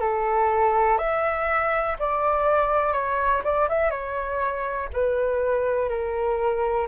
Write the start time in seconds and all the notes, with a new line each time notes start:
0.00 A4
0.98 E5
1.99 D5
2.92 C#5
3.44 D5
3.69 E5
3.90 C#5
4.93 B4
5.89 A#4